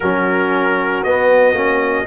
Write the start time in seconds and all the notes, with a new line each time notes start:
0.00 F#3 C#4 F#4 A#4
1.03 B3 D#5
1.53 A#3 C#4